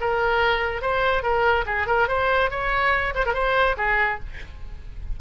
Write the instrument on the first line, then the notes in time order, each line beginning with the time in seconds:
oboe
0.00 A#4
0.81 C5
1.22 A#4
1.66 G#4
1.87 A#4
2.08 C5
2.50 C#5
3.14 C5
3.25 A#4
3.33 C5
3.77 G#4